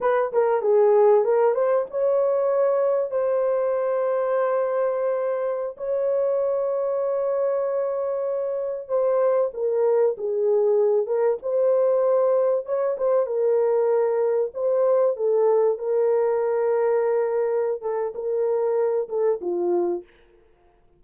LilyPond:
\new Staff \with { instrumentName = "horn" } { \time 4/4 \tempo 4 = 96 b'8 ais'8 gis'4 ais'8 c''8 cis''4~ | cis''4 c''2.~ | c''4~ c''16 cis''2~ cis''8.~ | cis''2~ cis''16 c''4 ais'8.~ |
ais'16 gis'4. ais'8 c''4.~ c''16~ | c''16 cis''8 c''8 ais'2 c''8.~ | c''16 a'4 ais'2~ ais'8.~ | ais'8 a'8 ais'4. a'8 f'4 | }